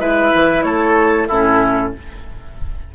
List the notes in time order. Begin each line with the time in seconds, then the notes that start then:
0.00 G#3 E4 B4 E5
0.35 E3
0.63 A3 A4 C#5
1.28 A2 C#4 E4 A4